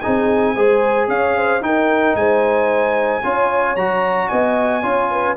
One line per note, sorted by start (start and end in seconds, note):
0.00 0.55 D#4
0.00 0.55 G#4
0.00 1.07 G#5
0.06 0.55 C4
0.55 1.07 G#3
0.55 1.61 G#4
0.55 1.08 C5
1.07 1.60 C#4
1.07 1.37 C#5
1.07 1.62 F5
1.37 1.64 C5
1.60 2.14 D#4
1.60 3.22 D#4
1.60 2.18 A#4
1.60 2.16 G5
2.15 3.22 G#3
2.15 3.23 C5
2.15 3.76 G#5
3.23 3.75 C#4
3.23 3.76 F4
3.23 4.29 C#5
3.75 4.29 F#3
3.75 4.82 F#4
3.75 4.28 A#5
4.28 4.83 B3
4.28 4.82 D#5
4.28 5.35 G#5
4.82 5.37 C#4
4.82 5.36 F4
4.82 5.09 C#5
5.10 5.37 B4